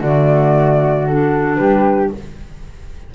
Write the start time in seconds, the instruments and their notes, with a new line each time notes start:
0.00 double bass D3, clarinet A3, flute F#4 D5
1.07 clarinet D4, flute A4
1.56 double bass G3, flute G4 B4